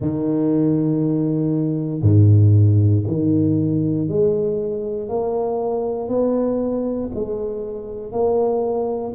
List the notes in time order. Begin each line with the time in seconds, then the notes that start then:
0.00 D#3
2.02 G#2
3.06 D#3
4.08 G#3
5.08 A#3
6.08 B3
7.14 G#3
8.12 A#3